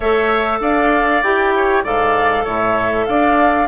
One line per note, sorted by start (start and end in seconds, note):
0.00 0.60 A3
0.00 1.23 A4
0.00 0.58 C#5
0.00 0.60 E5
0.60 1.21 D4
0.60 1.53 D5
0.60 1.22 F5
1.22 1.84 E4
1.22 1.84 G4
1.22 1.84 G5
1.55 1.83 C#5
1.83 2.45 G#2
1.83 3.67 A4
1.83 2.44 D5
1.83 2.46 F5
2.44 3.07 A2
2.44 3.05 C#5
2.44 3.06 E5
3.06 3.67 D4
3.06 3.67 D5
3.06 3.67 F5